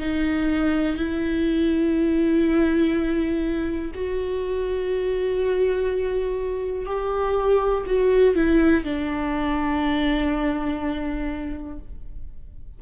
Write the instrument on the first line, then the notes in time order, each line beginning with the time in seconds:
viola
0.00 D#4
0.97 E4
3.95 F#4
6.86 G4
7.87 F#4
8.36 E4
8.84 D4